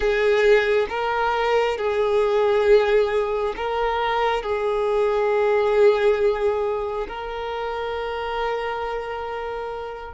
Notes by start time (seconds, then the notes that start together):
0.00 G#4
0.89 A#4
1.77 G#4
3.56 A#4
4.42 G#4
7.08 A#4